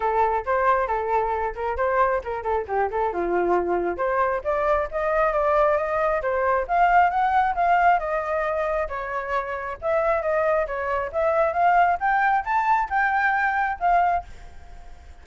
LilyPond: \new Staff \with { instrumentName = "flute" } { \time 4/4 \tempo 4 = 135 a'4 c''4 a'4. ais'8 | c''4 ais'8 a'8 g'8 a'8 f'4~ | f'4 c''4 d''4 dis''4 | d''4 dis''4 c''4 f''4 |
fis''4 f''4 dis''2 | cis''2 e''4 dis''4 | cis''4 e''4 f''4 g''4 | a''4 g''2 f''4 | }